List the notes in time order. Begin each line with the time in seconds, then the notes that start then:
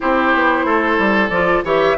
0.00 C4 E4 G4 C5
0.34 B3
0.65 A3 A4
0.98 G3
1.29 F3 F4 D5
1.64 E3 G4 C#5 E5